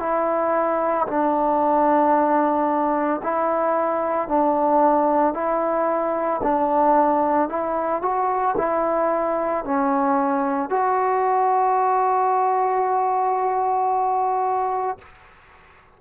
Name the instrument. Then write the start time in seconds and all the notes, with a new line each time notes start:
trombone
0.00 E4
1.08 D4
3.24 E4
4.29 D4
5.34 E4
6.43 D4
7.50 E4
8.03 F#4
8.58 E4
9.65 C#4
10.70 F#4